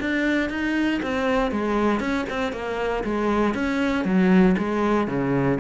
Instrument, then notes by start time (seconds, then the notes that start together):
cello
0.00 D4
0.50 D#4
1.02 C4
1.51 G#3
2.00 C#4
2.30 C4
2.53 A#3
3.04 G#3
3.55 C#4
4.05 F#3
4.58 G#3
5.08 C#3